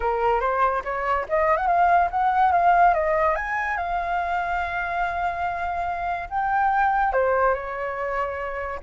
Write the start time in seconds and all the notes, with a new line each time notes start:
0.00 A#4
0.40 C5
0.84 C#5
1.28 D#5
1.56 F#5
1.67 F5
2.10 F#5
2.52 F5
2.94 D#5
3.35 G#5
3.77 F5
6.29 G5
7.12 C5
7.53 C#5